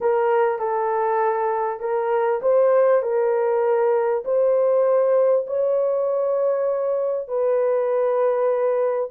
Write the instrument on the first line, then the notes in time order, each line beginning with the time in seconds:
horn
0.00 A#4
0.59 A4
1.79 A#4
2.41 C5
3.02 A#4
4.25 C5
5.46 C#5
7.28 B4